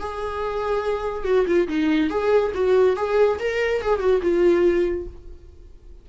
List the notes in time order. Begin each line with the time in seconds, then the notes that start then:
0.00 G#4
1.25 F#4
1.47 F4
1.69 D#4
2.10 G#4
2.55 F#4
2.97 G#4
3.40 A#4
3.82 G#4
4.00 F#4
4.23 F4